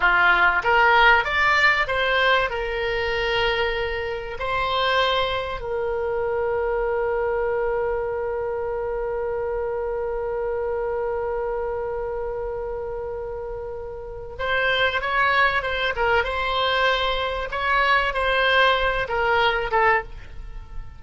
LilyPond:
\new Staff \with { instrumentName = "oboe" } { \time 4/4 \tempo 4 = 96 f'4 ais'4 d''4 c''4 | ais'2. c''4~ | c''4 ais'2.~ | ais'1~ |
ais'1~ | ais'2. c''4 | cis''4 c''8 ais'8 c''2 | cis''4 c''4. ais'4 a'8 | }